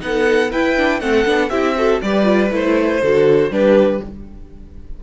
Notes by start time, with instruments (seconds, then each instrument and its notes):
0.00 cello B3, viola D#4, violin F#5
0.06 violin A4
0.51 viola E4, cello E4, violin B4 G5
0.77 viola D4
1.00 cello A3, viola C4, violin A4 F#5
1.26 cello B3, viola D4
1.50 cello C4, viola E4, violin G4 E5
1.77 viola F#4, violin A4
2.02 cello G3, viola G4, violin B4 D5
2.24 viola F4
2.51 cello A3, viola E4, violin C5
3.01 cello D3, viola F#4, violin A4
3.51 cello G3, viola D4, violin G4 B4